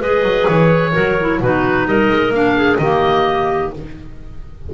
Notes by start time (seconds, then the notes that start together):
0.00 G#3 G#4 B4 D#5
0.22 F#3
0.47 E3 C#5
0.92 F#3 F#4 A#4
1.20 E4
1.40 B2 D#4 F#4 B4
1.86 G3 A#4 D#5
2.10 G#3
2.30 A#3 D4 F5
2.56 G#4
2.78 D#3 A#3 G4 D#5